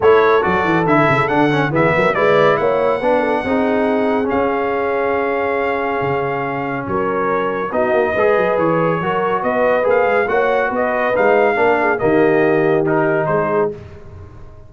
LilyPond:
<<
  \new Staff \with { instrumentName = "trumpet" } { \time 4/4 \tempo 4 = 140 cis''4 d''4 e''4 fis''4 | e''4 d''4 fis''2~ | fis''2 f''2~ | f''1 |
cis''2 dis''2 | cis''2 dis''4 f''4 | fis''4 dis''4 f''2 | dis''2 ais'4 c''4 | }
  \new Staff \with { instrumentName = "horn" } { \time 4/4 a'1 | gis'8 ais'8 b'4 cis''4 b'8 a'8 | gis'1~ | gis'1 |
ais'2 fis'4 b'4~ | b'4 ais'4 b'2 | cis''4 b'2 ais'8 gis'8 | g'2. gis'4 | }
  \new Staff \with { instrumentName = "trombone" } { \time 4/4 e'4 fis'4 e'4 d'8 cis'8 | b4 e'2 d'4 | dis'2 cis'2~ | cis'1~ |
cis'2 dis'4 gis'4~ | gis'4 fis'2 gis'4 | fis'2 dis'4 d'4 | ais2 dis'2 | }
  \new Staff \with { instrumentName = "tuba" } { \time 4/4 a4 fis8 e8 d8 cis8 d4 | e8 fis8 gis4 ais4 b4 | c'2 cis'2~ | cis'2 cis2 |
fis2 b8 ais8 gis8 fis8 | e4 fis4 b4 ais8 gis8 | ais4 b4 gis4 ais4 | dis2. gis4 | }
>>